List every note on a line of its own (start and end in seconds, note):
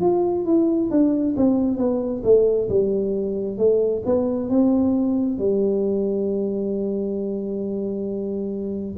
0.00 0.45 F4
0.45 0.90 E4
0.90 1.35 D4
1.36 1.77 C4
1.77 2.22 B3
2.23 2.68 A3
2.69 3.58 G3
3.58 4.03 A3
4.05 4.49 B3
4.49 5.38 C4
5.38 8.96 G3